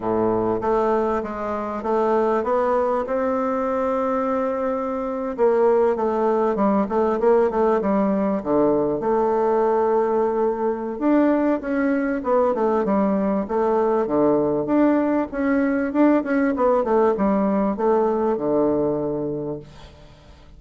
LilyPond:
\new Staff \with { instrumentName = "bassoon" } { \time 4/4 \tempo 4 = 98 a,4 a4 gis4 a4 | b4 c'2.~ | c'8. ais4 a4 g8 a8 ais16~ | ais16 a8 g4 d4 a4~ a16~ |
a2 d'4 cis'4 | b8 a8 g4 a4 d4 | d'4 cis'4 d'8 cis'8 b8 a8 | g4 a4 d2 | }